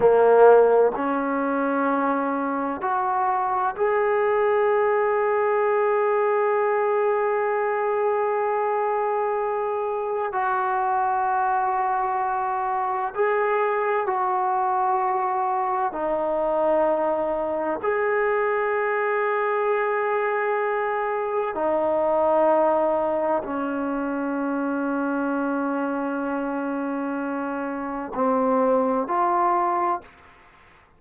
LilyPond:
\new Staff \with { instrumentName = "trombone" } { \time 4/4 \tempo 4 = 64 ais4 cis'2 fis'4 | gis'1~ | gis'2. fis'4~ | fis'2 gis'4 fis'4~ |
fis'4 dis'2 gis'4~ | gis'2. dis'4~ | dis'4 cis'2.~ | cis'2 c'4 f'4 | }